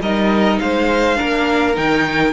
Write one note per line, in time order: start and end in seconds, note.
0.00 0.58 G3
0.00 1.16 D#4
0.00 0.60 A#4
0.00 0.59 D#5
0.59 1.19 G#3
0.59 1.17 C5
0.59 1.76 F5
1.16 1.77 A#3
1.16 1.74 D4
1.16 2.33 A#4
1.75 2.33 D#3
1.75 2.33 D#4
1.75 2.33 G5